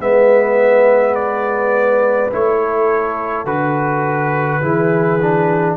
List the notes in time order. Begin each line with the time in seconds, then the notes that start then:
0.00 G#3 B3 B4 E5
1.15 D5
2.31 A3 E4 C#5
2.61 A4
3.45 D3 F#4 B4
4.61 E3 E4 G#4
5.22 D4